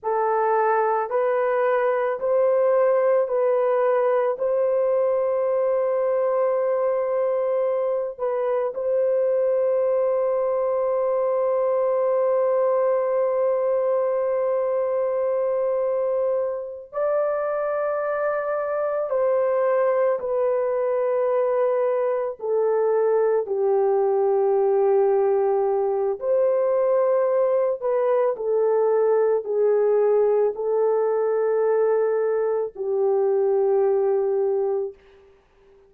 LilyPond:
\new Staff \with { instrumentName = "horn" } { \time 4/4 \tempo 4 = 55 a'4 b'4 c''4 b'4 | c''2.~ c''8 b'8 | c''1~ | c''2.~ c''8 d''8~ |
d''4. c''4 b'4.~ | b'8 a'4 g'2~ g'8 | c''4. b'8 a'4 gis'4 | a'2 g'2 | }